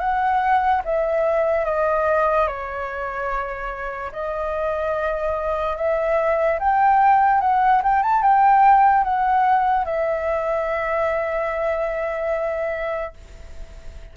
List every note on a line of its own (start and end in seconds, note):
0.00 0.82 F#5
0.85 1.65 E5
1.65 2.47 D#5
2.47 4.12 C#5
4.12 5.77 D#5
5.77 6.59 E5
6.60 7.41 G5
7.41 7.82 F#5
7.83 8.03 G5
8.03 8.22 A5
8.22 9.04 G5
9.04 9.85 F#5
9.85 13.14 E5